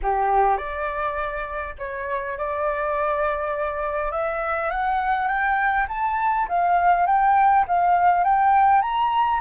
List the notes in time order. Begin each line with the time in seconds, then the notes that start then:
0.02 G4
0.57 D5
1.78 C#5
2.37 D5
4.11 E5
4.70 F#5
5.27 G5
5.88 A5
6.48 F5
7.06 G5
7.67 F5
8.24 G5
8.81 A#5